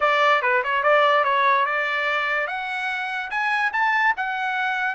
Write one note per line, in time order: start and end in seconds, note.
0.00 0.42 D5
0.42 0.62 B4
0.63 0.83 C#5
0.83 1.24 D5
1.24 1.65 C#5
1.65 2.47 D5
2.47 3.30 F#5
3.30 3.71 G#5
3.72 4.14 A5
4.17 4.95 F#5